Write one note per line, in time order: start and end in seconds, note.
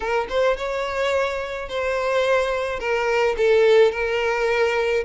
0.00 0.27 A#4
0.29 0.56 C5
0.56 1.68 C#5
1.68 2.79 C5
2.79 3.35 A#4
3.37 3.91 A4
3.91 5.03 A#4